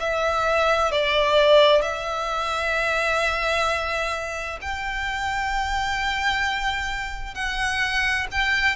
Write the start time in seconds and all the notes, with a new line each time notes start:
0.00 E5
0.91 D5
1.83 E5
4.62 G5
7.35 F#5
8.32 G5